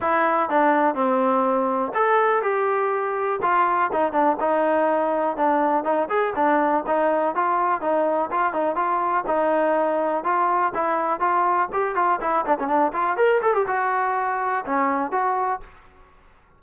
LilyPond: \new Staff \with { instrumentName = "trombone" } { \time 4/4 \tempo 4 = 123 e'4 d'4 c'2 | a'4 g'2 f'4 | dis'8 d'8 dis'2 d'4 | dis'8 gis'8 d'4 dis'4 f'4 |
dis'4 f'8 dis'8 f'4 dis'4~ | dis'4 f'4 e'4 f'4 | g'8 f'8 e'8 d'16 cis'16 d'8 f'8 ais'8 a'16 g'16 | fis'2 cis'4 fis'4 | }